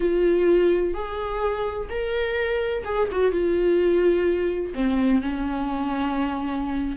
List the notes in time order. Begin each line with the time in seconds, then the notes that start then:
0.00 F4
0.93 G#4
1.89 A#4
2.85 G#4
3.11 F#4
3.31 F4
4.74 C4
5.21 C#4